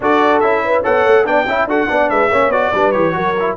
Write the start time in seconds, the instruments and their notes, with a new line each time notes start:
0.00 tuba D4, trombone F#4, horn A4, trumpet D5
0.40 tuba C#4, trombone E4, trumpet E5
0.64 horn B4
0.81 tuba B3, trombone A4, horn C#5, trumpet F#5
1.05 tuba A3
1.24 tuba B3, trombone D4, horn D5, trumpet G5
1.46 tuba C#4, trombone E4, horn E5
1.65 tuba D4, trombone F#4, horn A4, trumpet F#5
1.87 tuba B3, trombone D4, horn D5
2.09 tuba G#3, horn B4, trumpet E5
2.29 tuba A#3, trombone C#4, horn C#5
2.49 tuba B3, trombone F#4, trumpet D5
2.74 tuba G3, trombone D4, horn B4
2.91 tuba E3, trombone G4, trumpet C#5
3.12 tuba F#3, trombone F#4, horn A#4
3.39 trombone E4